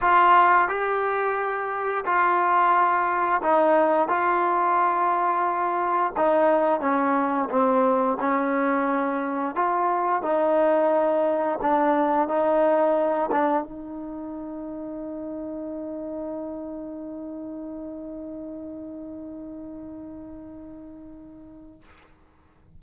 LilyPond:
\new Staff \with { instrumentName = "trombone" } { \time 4/4 \tempo 4 = 88 f'4 g'2 f'4~ | f'4 dis'4 f'2~ | f'4 dis'4 cis'4 c'4 | cis'2 f'4 dis'4~ |
dis'4 d'4 dis'4. d'8 | dis'1~ | dis'1~ | dis'1 | }